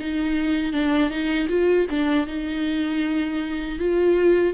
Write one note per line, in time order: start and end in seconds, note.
0.00 0.73 D#4
0.73 1.10 D4
1.10 1.48 D#4
1.49 1.87 F4
1.90 2.27 D4
2.27 3.79 D#4
3.79 4.54 F4